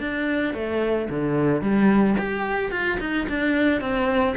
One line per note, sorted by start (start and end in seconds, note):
0.00 0.54 D4
0.54 1.09 A3
1.10 1.62 D3
1.62 2.16 G3
2.18 2.71 G4
2.71 2.99 F4
3.00 3.27 D#4
3.29 3.81 D4
3.81 4.36 C4